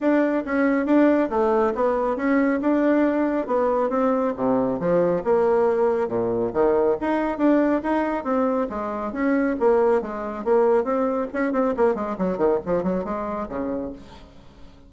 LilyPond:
\new Staff \with { instrumentName = "bassoon" } { \time 4/4 \tempo 4 = 138 d'4 cis'4 d'4 a4 | b4 cis'4 d'2 | b4 c'4 c4 f4 | ais2 ais,4 dis4 |
dis'4 d'4 dis'4 c'4 | gis4 cis'4 ais4 gis4 | ais4 c'4 cis'8 c'8 ais8 gis8 | fis8 dis8 f8 fis8 gis4 cis4 | }